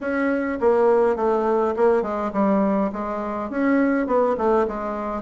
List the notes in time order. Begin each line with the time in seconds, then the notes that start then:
0.00 C#4
0.60 A#3
1.16 A3
1.76 A#3
2.02 G#3
2.32 G3
2.92 G#3
3.50 C#4
4.06 B3
4.37 A3
4.67 G#3